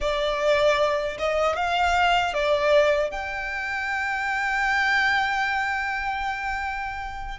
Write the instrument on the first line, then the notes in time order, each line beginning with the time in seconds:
violin
0.00 D5
1.18 D#5
1.55 F5
2.33 D5
3.10 G5